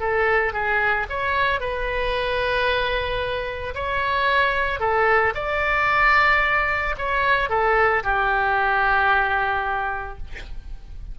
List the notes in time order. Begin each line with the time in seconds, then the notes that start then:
0.00 A4
0.53 G#4
1.10 C#5
1.60 B4
3.75 C#5
4.80 A4
5.35 D5
6.98 C#5
7.50 A4
8.04 G4